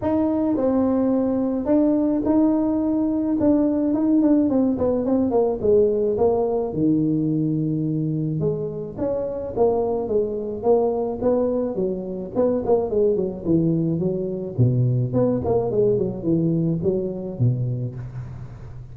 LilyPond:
\new Staff \with { instrumentName = "tuba" } { \time 4/4 \tempo 4 = 107 dis'4 c'2 d'4 | dis'2 d'4 dis'8 d'8 | c'8 b8 c'8 ais8 gis4 ais4 | dis2. gis4 |
cis'4 ais4 gis4 ais4 | b4 fis4 b8 ais8 gis8 fis8 | e4 fis4 b,4 b8 ais8 | gis8 fis8 e4 fis4 b,4 | }